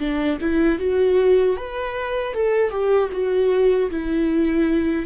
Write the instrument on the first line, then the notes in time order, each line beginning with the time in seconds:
viola
0.00 D4
0.41 E4
0.79 F#4
1.57 B4
2.34 A4
2.71 G4
3.13 F#4
3.91 E4